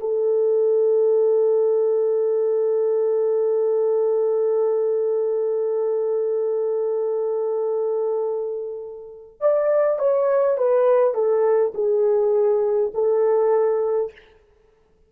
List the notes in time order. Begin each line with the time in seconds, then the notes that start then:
0.00 A4
9.41 D5
9.99 C#5
10.58 B4
11.14 A4
11.74 G#4
12.94 A4